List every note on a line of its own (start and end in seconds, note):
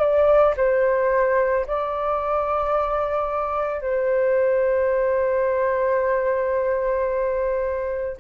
0.00 0.55 D5
0.57 1.66 C5
1.67 3.81 D5
3.81 8.18 C5